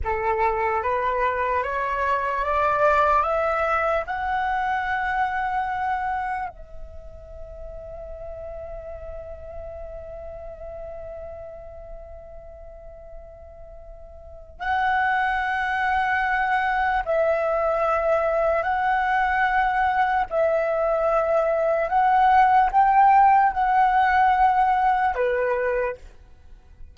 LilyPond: \new Staff \with { instrumentName = "flute" } { \time 4/4 \tempo 4 = 74 a'4 b'4 cis''4 d''4 | e''4 fis''2. | e''1~ | e''1~ |
e''2 fis''2~ | fis''4 e''2 fis''4~ | fis''4 e''2 fis''4 | g''4 fis''2 b'4 | }